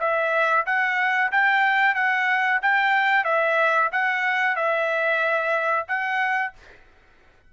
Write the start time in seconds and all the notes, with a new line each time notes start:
0.00 E5
0.66 F#5
1.32 G5
1.95 F#5
2.62 G5
3.25 E5
3.92 F#5
4.56 E5
5.88 F#5